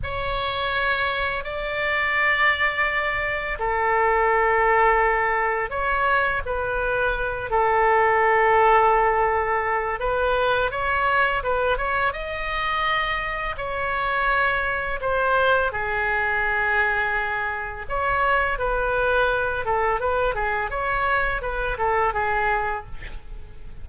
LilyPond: \new Staff \with { instrumentName = "oboe" } { \time 4/4 \tempo 4 = 84 cis''2 d''2~ | d''4 a'2. | cis''4 b'4. a'4.~ | a'2 b'4 cis''4 |
b'8 cis''8 dis''2 cis''4~ | cis''4 c''4 gis'2~ | gis'4 cis''4 b'4. a'8 | b'8 gis'8 cis''4 b'8 a'8 gis'4 | }